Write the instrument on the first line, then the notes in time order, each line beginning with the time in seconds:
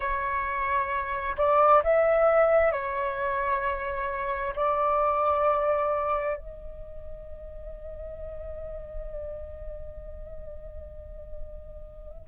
flute
0.00 C#5
1.37 D5
1.83 E5
2.71 C#5
4.55 D5
6.37 D#5